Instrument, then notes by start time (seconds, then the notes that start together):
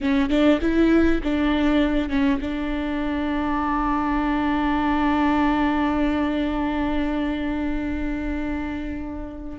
viola
0.00 C#4
0.29 D4
0.61 E4
1.23 D4
2.09 C#4
2.40 D4